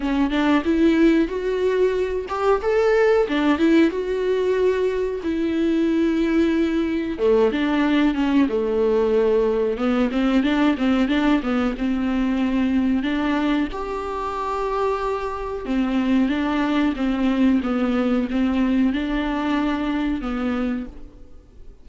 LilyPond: \new Staff \with { instrumentName = "viola" } { \time 4/4 \tempo 4 = 92 cis'8 d'8 e'4 fis'4. g'8 | a'4 d'8 e'8 fis'2 | e'2. a8 d'8~ | d'8 cis'8 a2 b8 c'8 |
d'8 c'8 d'8 b8 c'2 | d'4 g'2. | c'4 d'4 c'4 b4 | c'4 d'2 b4 | }